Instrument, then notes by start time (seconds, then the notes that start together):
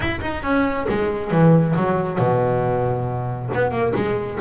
double bass
0.00 E4
0.21 D#4
0.42 C#4
0.88 G#3
1.31 E3
1.76 F#3
2.18 B2
3.54 B3
3.71 A#3
3.95 G#3